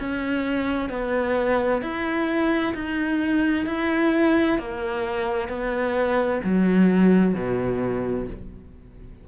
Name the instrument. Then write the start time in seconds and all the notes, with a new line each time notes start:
cello
0.00 C#4
0.89 B3
1.82 E4
2.74 D#4
3.66 E4
4.59 A#3
5.49 B3
6.44 F#3
7.35 B2